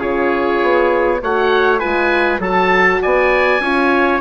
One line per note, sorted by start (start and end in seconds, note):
0.00 0.62 C#3
0.00 1.20 F4
0.00 1.20 G#4
0.00 1.21 C#5
0.62 1.22 B3
1.22 1.82 A3
1.22 1.80 F#4
1.22 1.79 C#5
1.22 1.79 F#5
1.79 2.39 G#3
1.79 2.40 F4
1.79 2.39 B4
1.79 2.39 G#5
2.39 2.99 F#3
2.39 3.62 F#4
2.39 3.00 A4
2.39 3.02 A5
3.02 3.60 B3
3.02 3.62 D5
3.02 4.21 G#5
3.60 4.20 C#4
3.60 4.21 F4
3.60 4.21 C#5